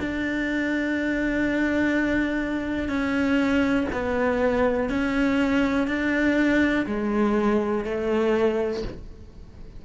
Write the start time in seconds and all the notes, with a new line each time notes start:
0.00 D4
2.89 C#4
3.93 B3
4.90 C#4
5.87 D4
6.86 G#3
7.85 A3